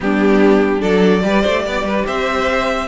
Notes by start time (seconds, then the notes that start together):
0.00 G3 B3 D4 G4
0.79 F#3 D4 A4 D5
1.23 G3 G4 B4
1.42 A3 C5
1.65 B3 D5
1.83 G3 B4
2.06 C4 C5 E5